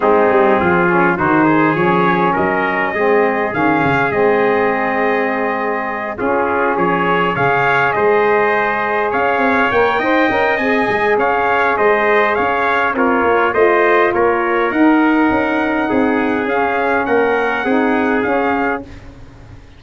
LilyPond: <<
  \new Staff \with { instrumentName = "trumpet" } { \time 4/4 \tempo 4 = 102 gis'2 c''4 cis''4 | dis''2 f''4 dis''4~ | dis''2~ dis''8 gis'4 cis''8~ | cis''8 f''4 dis''2 f''8~ |
f''8 g''4. gis''4 f''4 | dis''4 f''4 cis''4 dis''4 | cis''4 fis''2. | f''4 fis''2 f''4 | }
  \new Staff \with { instrumentName = "trumpet" } { \time 4/4 dis'4 f'4 fis'8 gis'4. | ais'4 gis'2.~ | gis'2~ gis'8 f'4 gis'8~ | gis'8 cis''4 c''2 cis''8~ |
cis''4 dis''2 cis''4 | c''4 cis''4 f'4 c''4 | ais'2. gis'4~ | gis'4 ais'4 gis'2 | }
  \new Staff \with { instrumentName = "saxophone" } { \time 4/4 c'4. cis'8 dis'4 cis'4~ | cis'4 c'4 cis'4 c'4~ | c'2~ c'8 cis'4.~ | cis'8 gis'2.~ gis'8~ |
gis'8 ais'8 c''8 ais'8 gis'2~ | gis'2 ais'4 f'4~ | f'4 dis'2. | cis'2 dis'4 cis'4 | }
  \new Staff \with { instrumentName = "tuba" } { \time 4/4 gis8 g8 f4 dis4 f4 | fis4 gis4 dis8 cis8 gis4~ | gis2~ gis8 cis'4 f8~ | f8 cis4 gis2 cis'8 |
c'8 ais8 dis'8 cis'8 c'8 gis8 cis'4 | gis4 cis'4 c'8 ais8 a4 | ais4 dis'4 cis'4 c'4 | cis'4 ais4 c'4 cis'4 | }
>>